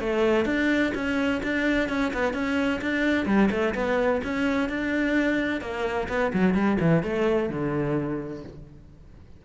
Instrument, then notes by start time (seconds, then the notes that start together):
cello
0.00 A3
0.46 D4
0.95 C#4
1.43 D4
1.89 C#4
2.14 B3
2.34 C#4
2.81 D4
3.26 G3
3.51 A3
3.75 B3
4.24 C#4
4.69 D4
5.61 A#3
6.09 B3
6.34 F#3
6.54 G3
6.80 E3
7.03 A3
7.50 D3